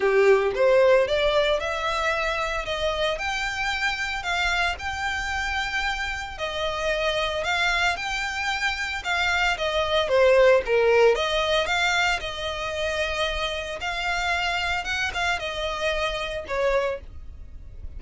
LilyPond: \new Staff \with { instrumentName = "violin" } { \time 4/4 \tempo 4 = 113 g'4 c''4 d''4 e''4~ | e''4 dis''4 g''2 | f''4 g''2. | dis''2 f''4 g''4~ |
g''4 f''4 dis''4 c''4 | ais'4 dis''4 f''4 dis''4~ | dis''2 f''2 | fis''8 f''8 dis''2 cis''4 | }